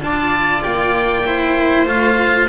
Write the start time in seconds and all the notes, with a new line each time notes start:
0.00 D4 F4 D5 A5
0.63 A#3 G5
1.26 E4 C5
1.86 A3 F4 F5